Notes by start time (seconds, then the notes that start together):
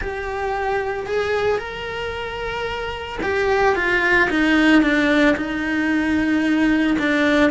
0.01 G4
1.06 G#4
1.58 A#4
3.22 G4
3.75 F4
4.30 D#4
4.82 D4
5.36 D#4
6.98 D4